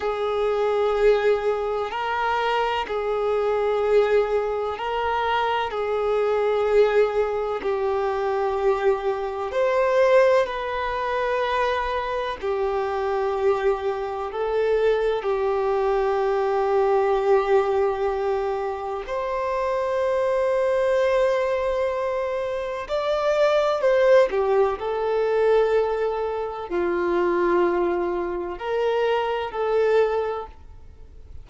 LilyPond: \new Staff \with { instrumentName = "violin" } { \time 4/4 \tempo 4 = 63 gis'2 ais'4 gis'4~ | gis'4 ais'4 gis'2 | g'2 c''4 b'4~ | b'4 g'2 a'4 |
g'1 | c''1 | d''4 c''8 g'8 a'2 | f'2 ais'4 a'4 | }